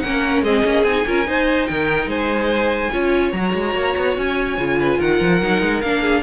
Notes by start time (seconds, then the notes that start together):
0.00 A#3 C#4 A#4 F#5
0.42 G#3 C4 G#4 D#5
0.63 A#3 C#4
0.83 C4 D#4 G#5
1.06 C#4 F4 A#4
1.25 D#4 C5
1.67 D#3 A#4 G5
2.06 G#3 C5 G#5
2.92 C#4 F4 C#5
3.32 F#3 F#4 A#5
3.54 G#3
3.74 A#3
3.97 B3
4.17 C#4 G#5
4.57 C#3 F4
4.80 B4
4.98 D#3 A#4 F#5
5.21 F3
5.41 F#3 D#4
5.62 G#3
5.81 A#3 D4 F5
6.01 G#4